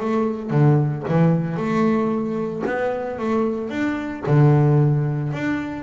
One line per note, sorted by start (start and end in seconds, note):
0.00 0.50 A3
0.50 1.03 D3
1.08 1.57 E3
1.57 2.63 A3
2.66 3.19 B3
3.19 3.70 A3
3.70 4.23 D4
4.26 5.33 D3
5.33 5.83 D4